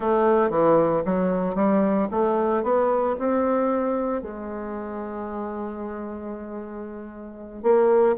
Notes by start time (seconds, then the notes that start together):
0.00 A3
0.50 E3
1.05 F#3
1.55 G3
2.11 A3
2.63 B3
3.18 C4
4.22 G#3
7.62 A#3